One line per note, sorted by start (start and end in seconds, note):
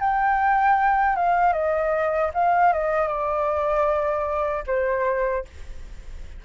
0.00 1.16 G5
1.16 1.53 F5
1.53 2.31 D#5
2.34 2.73 F5
2.73 3.08 D#5
3.08 4.64 D5
4.67 5.45 C5